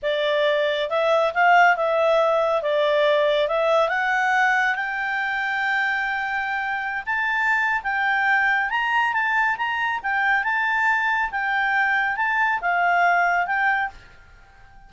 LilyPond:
\new Staff \with { instrumentName = "clarinet" } { \time 4/4 \tempo 4 = 138 d''2 e''4 f''4 | e''2 d''2 | e''4 fis''2 g''4~ | g''1~ |
g''16 a''4.~ a''16 g''2 | ais''4 a''4 ais''4 g''4 | a''2 g''2 | a''4 f''2 g''4 | }